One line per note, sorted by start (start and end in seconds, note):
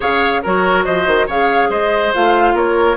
0.00 0.43 C#3
0.00 0.43 G#4
0.00 0.41 C#5
0.00 0.44 F5
0.43 0.86 F#3
0.43 1.29 F#4
0.43 0.84 A#4
0.43 0.84 C#5
0.84 1.07 F3
0.84 1.26 C5
0.84 1.27 D#5
1.07 1.27 D#3
1.26 1.69 C#3
1.26 2.14 G#4
1.26 1.69 C#5
1.26 1.70 F5
1.69 2.12 G#3
1.69 2.54 C5
1.69 2.13 D#5
2.14 2.53 A3
2.14 2.96 F4
2.14 2.57 F5
2.53 2.96 A#3
2.53 2.96 A#4
2.53 2.96 C#5